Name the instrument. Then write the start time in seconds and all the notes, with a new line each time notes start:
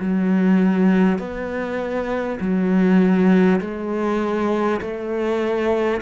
cello
0.00 F#3
1.19 B3
2.40 F#3
3.61 G#3
4.81 A3